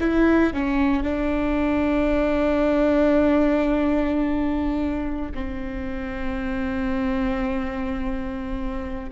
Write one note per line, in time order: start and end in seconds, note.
0.00 0.54 E4
0.54 1.03 C#4
1.03 5.32 D4
5.35 9.10 C4